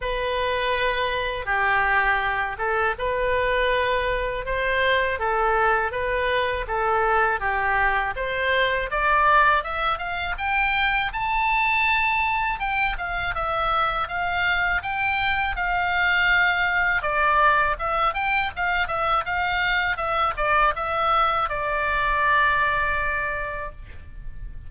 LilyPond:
\new Staff \with { instrumentName = "oboe" } { \time 4/4 \tempo 4 = 81 b'2 g'4. a'8 | b'2 c''4 a'4 | b'4 a'4 g'4 c''4 | d''4 e''8 f''8 g''4 a''4~ |
a''4 g''8 f''8 e''4 f''4 | g''4 f''2 d''4 | e''8 g''8 f''8 e''8 f''4 e''8 d''8 | e''4 d''2. | }